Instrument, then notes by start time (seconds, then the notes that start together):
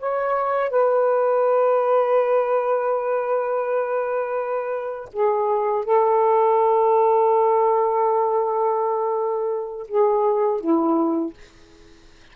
saxophone
0.00 C#5
0.70 B4
5.13 G#4
5.85 A4
9.88 G#4
10.61 E4